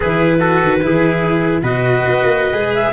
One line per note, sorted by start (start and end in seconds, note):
0.00 0.63 E3
0.00 0.39 E4
0.00 0.39 G#4
0.00 1.61 B4
0.39 0.80 F#4
0.39 0.80 A4
0.63 0.83 D#3
0.82 1.62 E3
0.82 1.62 E4
0.82 1.62 G#4
1.62 2.03 B2
1.62 2.53 F#4
1.62 2.92 B4
1.62 2.74 D#5
2.06 2.23 B3
2.23 2.52 A#3
2.52 2.92 G#3
2.52 2.92 G#4
2.74 2.92 E5